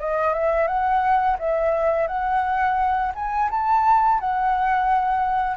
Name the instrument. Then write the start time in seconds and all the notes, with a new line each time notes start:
flute
0.00 D#5
0.34 E5
0.68 F#5
1.39 E5
2.08 F#5
3.15 G#5
3.50 A5
4.20 F#5